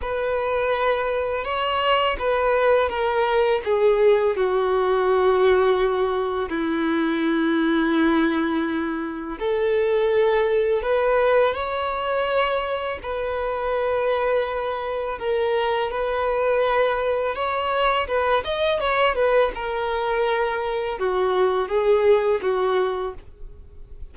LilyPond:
\new Staff \with { instrumentName = "violin" } { \time 4/4 \tempo 4 = 83 b'2 cis''4 b'4 | ais'4 gis'4 fis'2~ | fis'4 e'2.~ | e'4 a'2 b'4 |
cis''2 b'2~ | b'4 ais'4 b'2 | cis''4 b'8 dis''8 cis''8 b'8 ais'4~ | ais'4 fis'4 gis'4 fis'4 | }